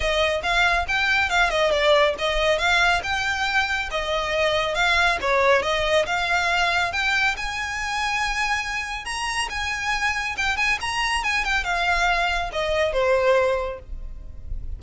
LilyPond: \new Staff \with { instrumentName = "violin" } { \time 4/4 \tempo 4 = 139 dis''4 f''4 g''4 f''8 dis''8 | d''4 dis''4 f''4 g''4~ | g''4 dis''2 f''4 | cis''4 dis''4 f''2 |
g''4 gis''2.~ | gis''4 ais''4 gis''2 | g''8 gis''8 ais''4 gis''8 g''8 f''4~ | f''4 dis''4 c''2 | }